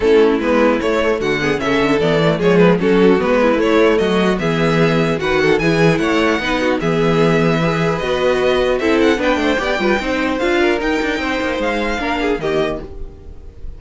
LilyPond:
<<
  \new Staff \with { instrumentName = "violin" } { \time 4/4 \tempo 4 = 150 a'4 b'4 cis''4 fis''4 | e''4 d''4 cis''8 b'8 a'4 | b'4 cis''4 dis''4 e''4~ | e''4 fis''4 gis''4 fis''4~ |
fis''4 e''2. | dis''2 e''8 fis''8 g''4~ | g''2 f''4 g''4~ | g''4 f''2 dis''4 | }
  \new Staff \with { instrumentName = "violin" } { \time 4/4 e'2. fis'8 gis'8 | a'2 gis'4 fis'4~ | fis'8 e'4. fis'4 gis'4~ | gis'4 b'8 a'8 gis'4 cis''4 |
b'8 fis'8 gis'2 b'4~ | b'2 a'4 b'8 c''8 | d''8 b'8 c''4. ais'4. | c''2 ais'8 gis'8 g'4 | }
  \new Staff \with { instrumentName = "viola" } { \time 4/4 cis'4 b4 a4. b8 | cis'4 b8 a8 gis4 cis'4 | b4 a2 b4~ | b4 fis'4 e'2 |
dis'4 b2 gis'4 | fis'2 e'4 d'4 | g'8 f'8 dis'4 f'4 dis'4~ | dis'2 d'4 ais4 | }
  \new Staff \with { instrumentName = "cello" } { \time 4/4 a4 gis4 a4 d4 | cis8 d8 e4 f4 fis4 | gis4 a4 fis4 e4~ | e4 dis4 e4 a4 |
b4 e2. | b2 c'4 b8 a8 | b8 g8 c'4 d'4 dis'8 d'8 | c'8 ais8 gis4 ais4 dis4 | }
>>